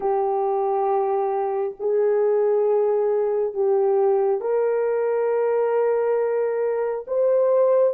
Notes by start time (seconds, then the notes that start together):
0.00 G4
1.79 G#4
3.54 G4
4.40 A#4
7.07 C5